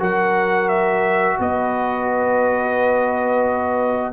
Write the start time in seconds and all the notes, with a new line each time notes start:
0.00 F#3 F#4 A#4 F#5
0.69 E5
1.40 B3 B4 D#5